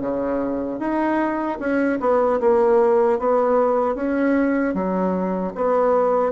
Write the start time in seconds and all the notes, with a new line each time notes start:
0.00 C#3
0.79 D#4
1.59 C#4
2.00 B3
2.40 A#3
3.19 B3
3.95 C#4
4.74 F#3
5.55 B3